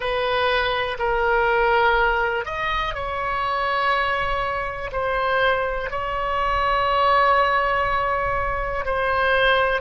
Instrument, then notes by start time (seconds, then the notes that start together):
oboe
0.00 B4
0.98 A#4
2.45 D#5
2.94 C#5
4.92 C5
5.90 C#5
8.85 C5